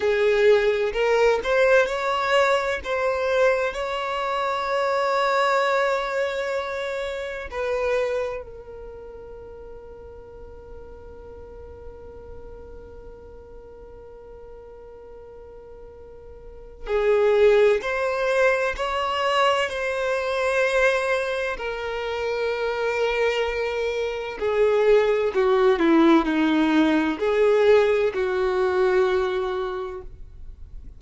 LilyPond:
\new Staff \with { instrumentName = "violin" } { \time 4/4 \tempo 4 = 64 gis'4 ais'8 c''8 cis''4 c''4 | cis''1 | b'4 ais'2.~ | ais'1~ |
ais'2 gis'4 c''4 | cis''4 c''2 ais'4~ | ais'2 gis'4 fis'8 e'8 | dis'4 gis'4 fis'2 | }